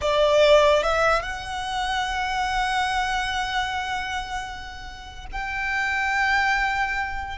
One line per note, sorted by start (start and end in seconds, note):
0.01 0.83 D5
0.83 1.22 E5
1.22 5.26 F#5
5.32 7.38 G5